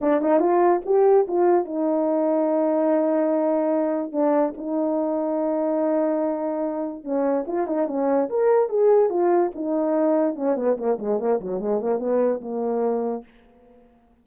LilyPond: \new Staff \with { instrumentName = "horn" } { \time 4/4 \tempo 4 = 145 d'8 dis'8 f'4 g'4 f'4 | dis'1~ | dis'2 d'4 dis'4~ | dis'1~ |
dis'4 cis'4 f'8 dis'8 cis'4 | ais'4 gis'4 f'4 dis'4~ | dis'4 cis'8 b8 ais8 gis8 ais8 fis8 | gis8 ais8 b4 ais2 | }